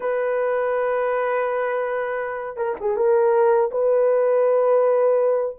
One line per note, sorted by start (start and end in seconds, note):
0.00 2.56 B4
2.56 2.75 A#4
2.80 2.96 G#4
2.96 3.70 A#4
3.71 5.56 B4